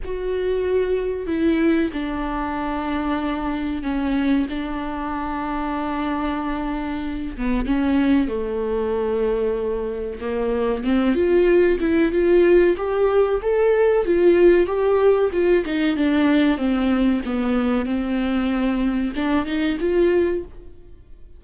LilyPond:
\new Staff \with { instrumentName = "viola" } { \time 4/4 \tempo 4 = 94 fis'2 e'4 d'4~ | d'2 cis'4 d'4~ | d'2.~ d'8 b8 | cis'4 a2. |
ais4 c'8 f'4 e'8 f'4 | g'4 a'4 f'4 g'4 | f'8 dis'8 d'4 c'4 b4 | c'2 d'8 dis'8 f'4 | }